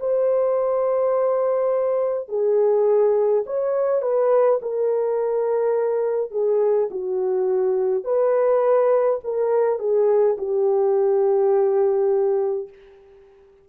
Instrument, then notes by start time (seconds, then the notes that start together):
horn
0.00 C5
2.29 G#4
3.47 C#5
4.02 B4
4.62 A#4
6.31 G#4
6.91 F#4
8.05 B4
9.25 A#4
9.80 G#4
10.38 G4